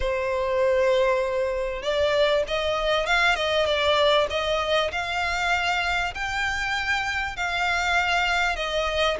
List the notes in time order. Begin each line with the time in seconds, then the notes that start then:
0.00 C5
1.82 D5
2.47 D#5
3.06 F5
3.35 D#5
3.65 D5
4.29 D#5
4.91 F5
6.14 G5
7.36 F5
8.56 D#5